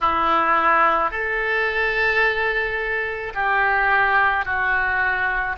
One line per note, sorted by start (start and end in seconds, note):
0.00 1.11 E4
1.11 3.33 A4
3.34 4.44 G4
4.44 5.56 F#4